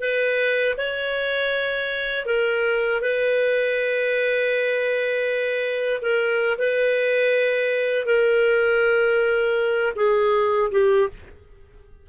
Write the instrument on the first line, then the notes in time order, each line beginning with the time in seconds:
clarinet
0.00 B4
0.77 C#5
2.26 A#4
3.01 B4
6.01 A#4
6.58 B4
8.06 A#4
9.96 G#4
10.71 G4